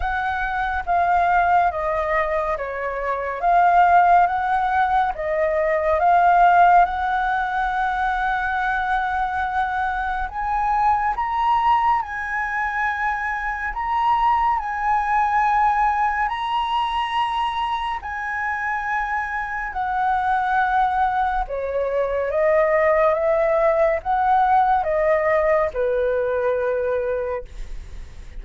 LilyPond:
\new Staff \with { instrumentName = "flute" } { \time 4/4 \tempo 4 = 70 fis''4 f''4 dis''4 cis''4 | f''4 fis''4 dis''4 f''4 | fis''1 | gis''4 ais''4 gis''2 |
ais''4 gis''2 ais''4~ | ais''4 gis''2 fis''4~ | fis''4 cis''4 dis''4 e''4 | fis''4 dis''4 b'2 | }